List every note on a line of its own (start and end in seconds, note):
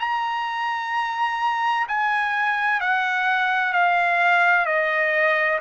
0.00 1.87 A#5
1.88 2.81 G#5
2.81 3.73 F#5
3.73 4.66 F5
4.66 5.60 D#5